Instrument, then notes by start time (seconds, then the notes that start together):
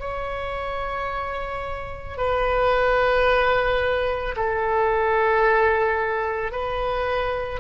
oboe
0.00 C#5
2.17 B4
4.36 A4
6.52 B4